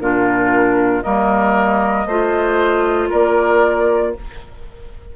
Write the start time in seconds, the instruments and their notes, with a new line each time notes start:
0.00 bassoon A#2, clarinet D4, oboe F4, flute A#4
1.02 bassoon G3, clarinet A#3, oboe A#4, flute D#5
2.06 bassoon A3, clarinet F4, oboe C5
3.09 bassoon A#3, oboe A#4, flute D5